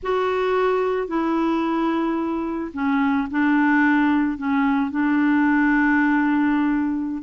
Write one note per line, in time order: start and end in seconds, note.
0.02 1.07 F#4
1.07 2.71 E4
2.73 3.28 C#4
3.30 4.37 D4
4.37 4.90 C#4
4.90 7.22 D4